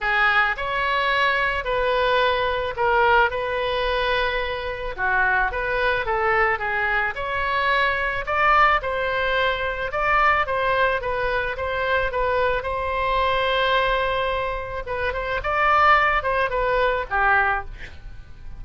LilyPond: \new Staff \with { instrumentName = "oboe" } { \time 4/4 \tempo 4 = 109 gis'4 cis''2 b'4~ | b'4 ais'4 b'2~ | b'4 fis'4 b'4 a'4 | gis'4 cis''2 d''4 |
c''2 d''4 c''4 | b'4 c''4 b'4 c''4~ | c''2. b'8 c''8 | d''4. c''8 b'4 g'4 | }